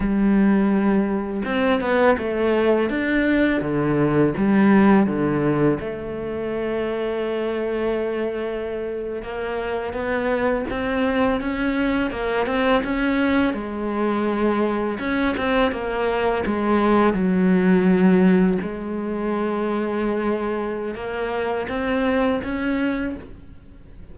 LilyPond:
\new Staff \with { instrumentName = "cello" } { \time 4/4 \tempo 4 = 83 g2 c'8 b8 a4 | d'4 d4 g4 d4 | a1~ | a8. ais4 b4 c'4 cis'16~ |
cis'8. ais8 c'8 cis'4 gis4~ gis16~ | gis8. cis'8 c'8 ais4 gis4 fis16~ | fis4.~ fis16 gis2~ gis16~ | gis4 ais4 c'4 cis'4 | }